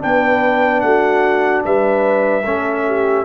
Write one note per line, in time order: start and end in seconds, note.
0.00 0.83 B3
0.00 2.43 D4
0.00 0.85 B4
0.00 0.81 G5
0.81 1.64 A3
0.81 1.65 F#4
0.81 1.62 F#5
1.65 2.46 G3
1.65 2.44 B4
1.65 3.25 E5
2.44 3.25 A3
2.44 3.25 C#4
2.44 2.85 A4
2.87 3.25 G4